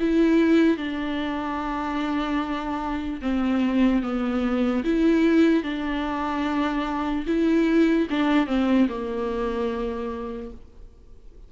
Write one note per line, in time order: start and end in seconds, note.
0.00 0.77 E4
0.77 3.20 D4
3.21 4.02 C4
4.02 4.83 B3
4.84 5.63 E4
5.63 7.25 D4
7.26 8.07 E4
8.10 8.47 D4
8.47 8.87 C4
8.89 10.51 A#3